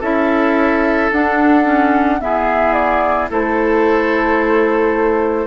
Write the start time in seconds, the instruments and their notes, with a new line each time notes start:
0.00 bassoon C#4, clarinet E4, oboe A4, flute E5
1.12 clarinet D4, bassoon D4, flute F#5
1.65 clarinet C#4
2.20 clarinet B3, bassoon E4, oboe G#4, flute E5
2.73 flute D5
3.30 bassoon A3, clarinet E4, oboe A4, flute C5